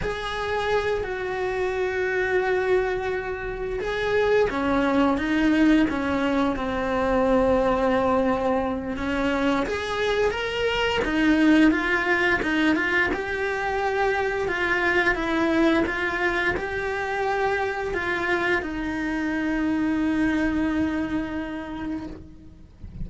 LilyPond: \new Staff \with { instrumentName = "cello" } { \time 4/4 \tempo 4 = 87 gis'4. fis'2~ fis'8~ | fis'4. gis'4 cis'4 dis'8~ | dis'8 cis'4 c'2~ c'8~ | c'4 cis'4 gis'4 ais'4 |
dis'4 f'4 dis'8 f'8 g'4~ | g'4 f'4 e'4 f'4 | g'2 f'4 dis'4~ | dis'1 | }